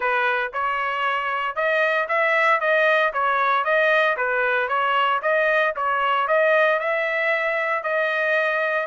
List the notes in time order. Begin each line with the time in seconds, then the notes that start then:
0.00 B4
0.53 C#5
1.55 D#5
2.08 E5
2.60 D#5
3.13 C#5
3.64 D#5
4.16 B4
4.68 C#5
5.22 D#5
5.76 C#5
6.27 D#5
6.79 E5
7.83 D#5